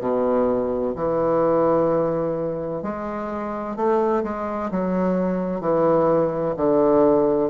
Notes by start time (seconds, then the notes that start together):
0.00 B2
0.95 E3
2.83 G#3
3.76 A3
4.23 G#3
4.71 F#3
5.60 E3
6.57 D3